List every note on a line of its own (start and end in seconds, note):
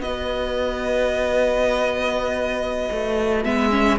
0.00 2.89 B3
0.00 3.44 F#4
0.00 3.99 B4
0.00 3.44 D#5
2.91 3.45 A3
3.44 3.99 G#3
3.44 3.70 B3
3.44 3.99 E5
3.70 3.98 C#4